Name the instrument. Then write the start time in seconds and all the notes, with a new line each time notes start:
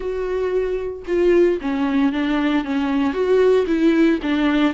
viola
0.00 F#4
1.07 F4
1.61 C#4
2.12 D4
2.64 C#4
3.13 F#4
3.66 E4
4.22 D4